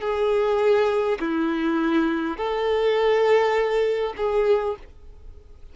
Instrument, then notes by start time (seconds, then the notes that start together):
violin
0.00 G#4
1.20 E4
2.37 A4
4.17 G#4